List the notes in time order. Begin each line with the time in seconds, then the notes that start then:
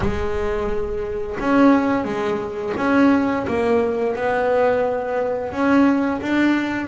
0.00 G#3
1.39 C#4
2.04 G#3
2.76 C#4
3.47 A#3
4.15 B3
5.52 C#4
6.21 D4